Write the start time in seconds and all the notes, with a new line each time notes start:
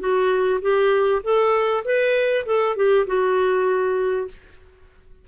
0.00 F#4
0.62 G4
1.24 A4
1.85 B4
2.46 A4
2.77 G4
3.07 F#4